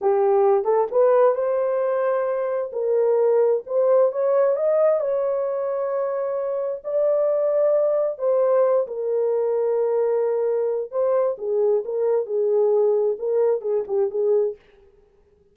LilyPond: \new Staff \with { instrumentName = "horn" } { \time 4/4 \tempo 4 = 132 g'4. a'8 b'4 c''4~ | c''2 ais'2 | c''4 cis''4 dis''4 cis''4~ | cis''2. d''4~ |
d''2 c''4. ais'8~ | ais'1 | c''4 gis'4 ais'4 gis'4~ | gis'4 ais'4 gis'8 g'8 gis'4 | }